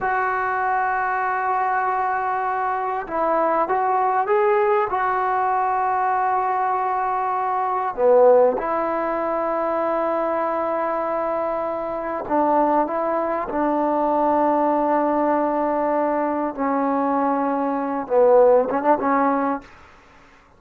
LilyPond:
\new Staff \with { instrumentName = "trombone" } { \time 4/4 \tempo 4 = 98 fis'1~ | fis'4 e'4 fis'4 gis'4 | fis'1~ | fis'4 b4 e'2~ |
e'1 | d'4 e'4 d'2~ | d'2. cis'4~ | cis'4. b4 cis'16 d'16 cis'4 | }